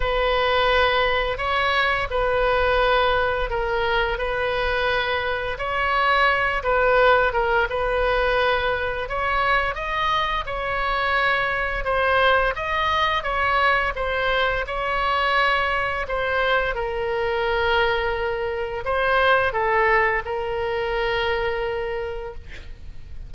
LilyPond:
\new Staff \with { instrumentName = "oboe" } { \time 4/4 \tempo 4 = 86 b'2 cis''4 b'4~ | b'4 ais'4 b'2 | cis''4. b'4 ais'8 b'4~ | b'4 cis''4 dis''4 cis''4~ |
cis''4 c''4 dis''4 cis''4 | c''4 cis''2 c''4 | ais'2. c''4 | a'4 ais'2. | }